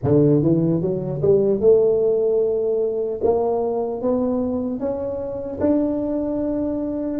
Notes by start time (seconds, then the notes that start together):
0.03 D3
0.42 E3
0.81 F#3
1.22 G3
1.60 A3
3.23 A#3
4.01 B3
4.79 C#4
5.60 D4